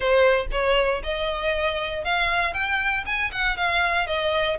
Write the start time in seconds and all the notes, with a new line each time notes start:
0.00 C5
0.51 C#5
1.03 D#5
2.04 F5
2.53 G5
3.06 G#5
3.31 F#5
3.56 F5
4.06 D#5